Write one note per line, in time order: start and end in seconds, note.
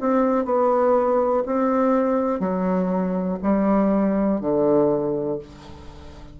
0.00 0.45 C4
0.45 1.43 B3
1.45 2.40 C4
2.40 3.38 F#3
3.42 4.40 G3
4.40 5.39 D3